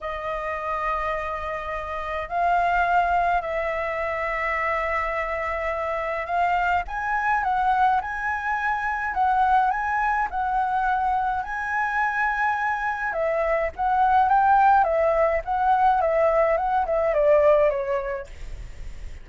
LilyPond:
\new Staff \with { instrumentName = "flute" } { \time 4/4 \tempo 4 = 105 dis''1 | f''2 e''2~ | e''2. f''4 | gis''4 fis''4 gis''2 |
fis''4 gis''4 fis''2 | gis''2. e''4 | fis''4 g''4 e''4 fis''4 | e''4 fis''8 e''8 d''4 cis''4 | }